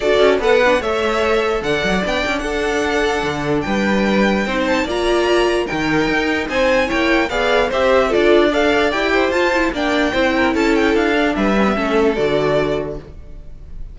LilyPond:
<<
  \new Staff \with { instrumentName = "violin" } { \time 4/4 \tempo 4 = 148 d''4 fis''4 e''2 | fis''4 g''4 fis''2~ | fis''4 g''2~ g''8 a''8 | ais''2 g''2 |
gis''4 g''4 f''4 e''4 | d''4 f''4 g''4 a''4 | g''2 a''8 g''8 f''4 | e''2 d''2 | }
  \new Staff \with { instrumentName = "violin" } { \time 4/4 a'4 b'4 cis''2 | d''2 a'2~ | a'4 b'2 c''4 | d''2 ais'2 |
c''4 cis''4 d''4 c''4 | a'4 d''4. c''4. | d''4 c''8 ais'8 a'2 | b'4 a'2. | }
  \new Staff \with { instrumentName = "viola" } { \time 4/4 fis'4 a'8 d'8 a'2~ | a'4 d'2.~ | d'2. dis'4 | f'2 dis'2~ |
dis'4 e'4 gis'4 g'4 | f'4 a'4 g'4 f'8 e'8 | d'4 e'2~ e'8 d'8~ | d'8 cis'16 b16 cis'4 fis'2 | }
  \new Staff \with { instrumentName = "cello" } { \time 4/4 d'8 cis'8 b4 a2 | d8 fis8 b8 cis'8 d'2 | d4 g2 c'4 | ais2 dis4 dis'4 |
c'4 ais4 b4 c'4 | d'2 e'4 f'4 | ais4 c'4 cis'4 d'4 | g4 a4 d2 | }
>>